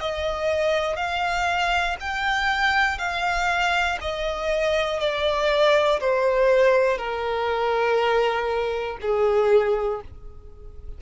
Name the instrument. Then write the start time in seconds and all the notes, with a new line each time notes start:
violin
0.00 D#5
0.96 F5
2.00 G5
2.98 F5
4.01 D#5
4.99 D5
6.00 C5
6.97 A#4
9.01 G#4